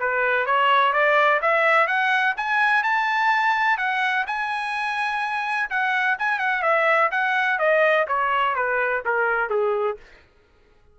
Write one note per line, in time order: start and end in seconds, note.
0.00 0.46 B4
0.46 0.93 C#5
0.93 1.41 D5
1.42 1.88 E5
1.88 2.35 F#5
2.37 2.84 G#5
2.84 3.78 A5
3.78 4.26 F#5
4.27 5.70 G#5
5.70 6.18 F#5
6.19 6.39 G#5
6.39 6.63 F#5
6.63 7.11 E5
7.12 7.59 F#5
7.59 8.07 D#5
8.08 8.56 C#5
8.56 9.03 B4
9.06 9.50 A#4
9.50 9.98 G#4